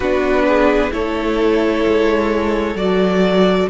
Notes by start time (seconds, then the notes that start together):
0.00 B3 D4 F#4 B4
0.47 G#4
0.90 A3 E4 A4 C#5
1.86 G#3
2.74 F#3 F#4 D5